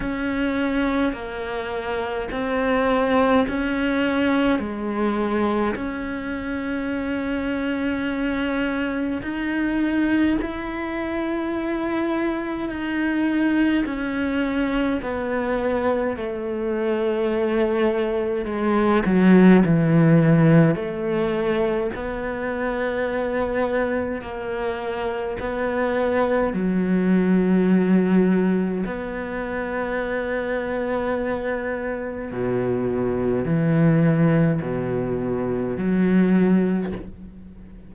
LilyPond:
\new Staff \with { instrumentName = "cello" } { \time 4/4 \tempo 4 = 52 cis'4 ais4 c'4 cis'4 | gis4 cis'2. | dis'4 e'2 dis'4 | cis'4 b4 a2 |
gis8 fis8 e4 a4 b4~ | b4 ais4 b4 fis4~ | fis4 b2. | b,4 e4 b,4 fis4 | }